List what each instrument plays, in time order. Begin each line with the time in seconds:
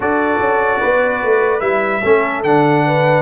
0.00 tuba D4, trombone F#4, horn A4, trumpet D5
0.39 tuba C#4
0.80 tuba B3, horn B4
1.23 tuba A3
1.60 tuba G3, trombone E4, trumpet E5
2.03 tuba A3, trombone C#4, horn A4
2.43 tuba D3, trombone D4, trumpet F#5
2.85 horn B4